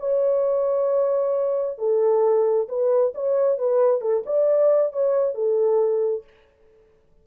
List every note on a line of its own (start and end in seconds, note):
0.00 1.78 C#5
1.78 2.68 A4
2.69 3.14 B4
3.15 3.59 C#5
3.59 4.01 B4
4.01 4.24 A4
4.26 4.93 D5
4.93 5.35 C#5
5.35 6.24 A4